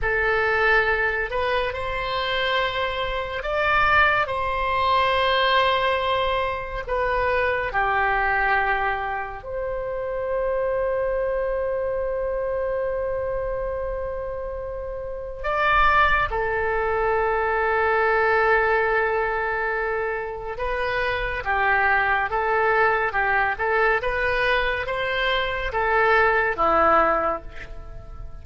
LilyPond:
\new Staff \with { instrumentName = "oboe" } { \time 4/4 \tempo 4 = 70 a'4. b'8 c''2 | d''4 c''2. | b'4 g'2 c''4~ | c''1~ |
c''2 d''4 a'4~ | a'1 | b'4 g'4 a'4 g'8 a'8 | b'4 c''4 a'4 e'4 | }